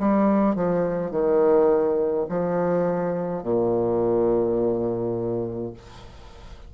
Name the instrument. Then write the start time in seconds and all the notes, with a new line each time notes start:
bassoon
0.00 G3
0.56 F3
1.12 D#3
2.30 F3
3.43 A#2